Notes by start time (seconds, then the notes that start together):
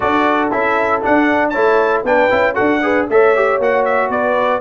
0.00 D4 F#4 A4 D5
0.51 C#4 E4 E5
1.01 D4 F#5
1.49 A3 E4 C#5 A5
2.03 B3 D4 B4 G5
2.30 C#4 E4
2.54 D4 F#4 A4 F#5
2.82 G#4 B4
3.09 A3 A4 C#5 E5
3.35 G4
3.58 A#3 F#4 F#5
3.85 E5
4.09 B3 B4 D5